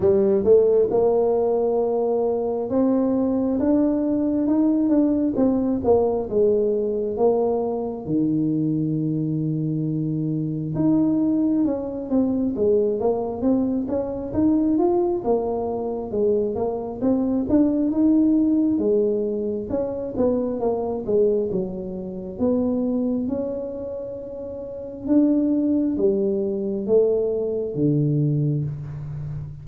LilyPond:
\new Staff \with { instrumentName = "tuba" } { \time 4/4 \tempo 4 = 67 g8 a8 ais2 c'4 | d'4 dis'8 d'8 c'8 ais8 gis4 | ais4 dis2. | dis'4 cis'8 c'8 gis8 ais8 c'8 cis'8 |
dis'8 f'8 ais4 gis8 ais8 c'8 d'8 | dis'4 gis4 cis'8 b8 ais8 gis8 | fis4 b4 cis'2 | d'4 g4 a4 d4 | }